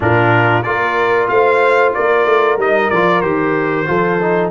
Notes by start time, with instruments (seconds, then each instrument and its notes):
0.00 tuba A#2, trombone D4, horn F4, trumpet A#4
0.62 tuba A#3, trombone F4, horn A#4, trumpet D5
1.28 tuba A3, horn C5, trumpet F5
1.94 tuba A#3, horn A#4, trumpet D5
2.25 tuba A3
2.57 tuba G3, trombone D#4, trumpet D#5
2.90 tuba F3, trombone F4, trumpet D5
3.21 tuba D#3, trombone G4, trumpet C5
3.86 tuba F3, trombone F4, horn A4
4.21 trombone D#4